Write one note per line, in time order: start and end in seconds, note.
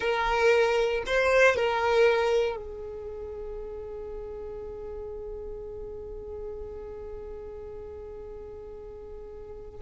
0.00 1.03 A#4
1.06 1.56 C5
1.56 2.56 A#4
2.56 9.80 G#4